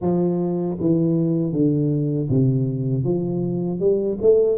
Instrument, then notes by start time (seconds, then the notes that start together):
tuba
0.01 F3
0.80 E3
1.52 D3
2.29 C3
3.04 F3
3.79 G3
4.21 A3